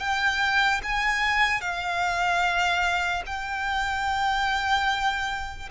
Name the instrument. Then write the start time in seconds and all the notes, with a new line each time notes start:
violin
0.00 G5
0.83 G#5
1.61 F5
3.26 G5